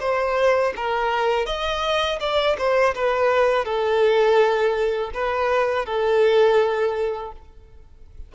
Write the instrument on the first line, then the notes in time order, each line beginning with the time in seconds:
violin
0.00 C5
0.76 A#4
1.46 D#5
2.20 D5
2.58 C5
2.95 B4
3.65 A4
5.14 B4
5.85 A4